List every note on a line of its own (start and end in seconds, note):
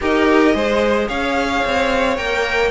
0.00 0.54 D#4
0.00 0.52 G4
0.00 0.55 A#4
0.00 1.08 D#5
0.52 1.08 G#3
0.52 2.16 G#4
0.52 1.08 C5
1.08 1.63 C#4
1.08 2.70 C#5
1.08 2.17 F5
1.64 2.17 C4
2.17 2.70 A#3
2.17 2.70 A#4
2.17 2.70 G5